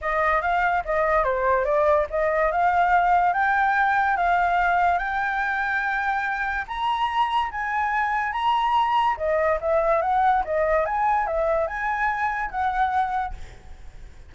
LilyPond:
\new Staff \with { instrumentName = "flute" } { \time 4/4 \tempo 4 = 144 dis''4 f''4 dis''4 c''4 | d''4 dis''4 f''2 | g''2 f''2 | g''1 |
ais''2 gis''2 | ais''2 dis''4 e''4 | fis''4 dis''4 gis''4 e''4 | gis''2 fis''2 | }